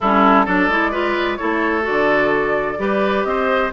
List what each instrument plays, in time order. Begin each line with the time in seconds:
0.00 bassoon G3, clarinet C#4, oboe E4, flute A4
0.45 bassoon F#3, clarinet D4, oboe A4, flute D5
0.68 bassoon G#3, clarinet E4
0.91 clarinet F4, oboe B4
1.36 clarinet E4, oboe A4, flute C#5
1.42 bassoon A3
1.82 clarinet F#4, flute D5
1.88 bassoon D3
2.78 bassoon G3, clarinet G4, oboe B4
3.24 bassoon C4, oboe C5, flute D#5